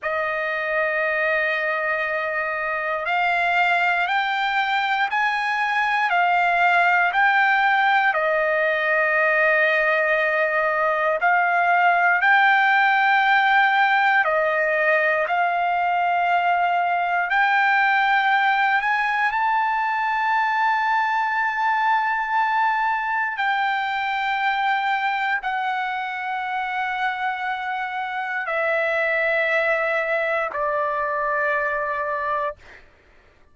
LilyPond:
\new Staff \with { instrumentName = "trumpet" } { \time 4/4 \tempo 4 = 59 dis''2. f''4 | g''4 gis''4 f''4 g''4 | dis''2. f''4 | g''2 dis''4 f''4~ |
f''4 g''4. gis''8 a''4~ | a''2. g''4~ | g''4 fis''2. | e''2 d''2 | }